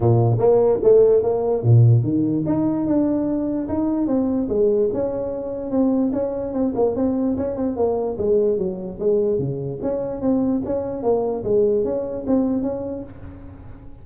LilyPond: \new Staff \with { instrumentName = "tuba" } { \time 4/4 \tempo 4 = 147 ais,4 ais4 a4 ais4 | ais,4 dis4 dis'4 d'4~ | d'4 dis'4 c'4 gis4 | cis'2 c'4 cis'4 |
c'8 ais8 c'4 cis'8 c'8 ais4 | gis4 fis4 gis4 cis4 | cis'4 c'4 cis'4 ais4 | gis4 cis'4 c'4 cis'4 | }